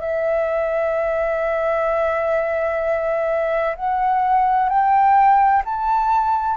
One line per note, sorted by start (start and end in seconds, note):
0.00 3.75 E5
3.75 4.68 F#5
4.68 5.62 G5
5.65 6.56 A5